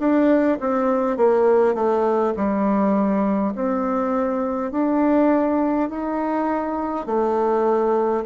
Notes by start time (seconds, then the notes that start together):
0.00 D4
0.61 C4
1.18 A#3
1.75 A3
2.37 G3
3.56 C4
4.72 D4
5.90 D#4
7.07 A3